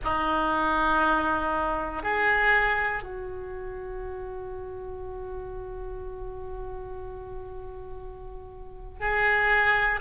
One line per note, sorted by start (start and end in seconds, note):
0.04 2.02 D#4
2.02 3.02 G#4
3.02 9.00 F#4
9.00 10.00 G#4